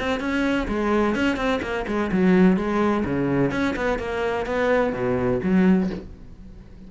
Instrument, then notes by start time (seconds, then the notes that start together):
cello
0.00 C4
0.20 C#4
0.68 G#3
1.15 C#4
1.37 C4
1.62 A#3
1.87 G#3
2.12 F#3
2.57 G#3
3.05 C#3
3.51 C#4
3.76 B3
3.99 A#3
4.46 B3
4.93 B2
5.43 F#3